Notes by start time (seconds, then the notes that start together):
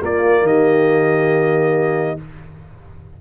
0.00 A#3 F4 D5
0.42 D#3 G4 D#5